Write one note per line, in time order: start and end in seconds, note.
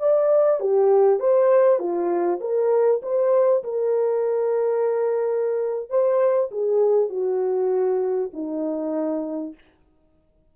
0.00 0.61 D5
0.61 1.20 G4
1.20 1.80 C5
1.80 2.40 F4
2.41 3.02 A#4
3.03 3.63 C5
3.64 5.90 A#4
5.90 6.51 C5
6.52 7.10 G#4
7.10 8.31 F#4
8.34 9.55 D#4